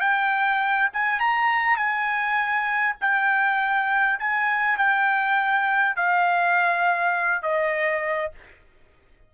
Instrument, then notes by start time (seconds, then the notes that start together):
trumpet
0.00 G5
0.93 G#5
1.19 A#5
1.77 G#5
3.01 G5
4.19 G#5
4.78 G5
5.96 F5
7.42 D#5